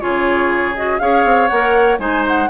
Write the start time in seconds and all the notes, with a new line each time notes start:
0.00 C#3 F4 G#4 C#5
0.76 F#4 D#5
0.99 C#4 G#4 C#5 F5
1.24 C4
1.48 A#3 A#4 F#5
1.99 G#3 D#4 C5 G#5
2.27 F#5